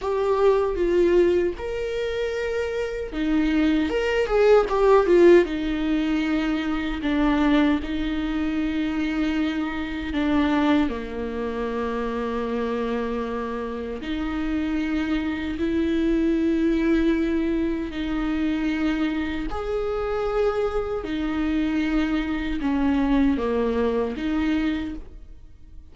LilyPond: \new Staff \with { instrumentName = "viola" } { \time 4/4 \tempo 4 = 77 g'4 f'4 ais'2 | dis'4 ais'8 gis'8 g'8 f'8 dis'4~ | dis'4 d'4 dis'2~ | dis'4 d'4 ais2~ |
ais2 dis'2 | e'2. dis'4~ | dis'4 gis'2 dis'4~ | dis'4 cis'4 ais4 dis'4 | }